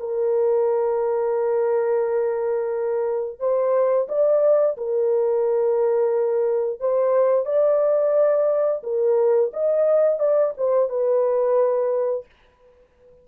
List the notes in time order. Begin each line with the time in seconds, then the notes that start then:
0.00 A#4
3.40 C5
4.09 D5
4.78 A#4
6.81 C5
7.46 D5
8.84 A#4
9.54 D#5
10.20 D5
10.58 C5
10.90 B4